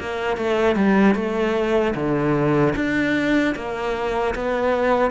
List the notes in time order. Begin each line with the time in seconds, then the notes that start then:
0.00 A#3
0.37 A3
0.76 G3
1.16 A3
1.95 D3
2.76 D4
3.56 A#3
4.35 B3